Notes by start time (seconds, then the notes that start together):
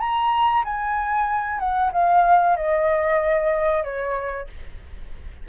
0.00 A#5
0.65 G#5
1.60 F#5
1.93 F5
2.57 D#5
3.84 C#5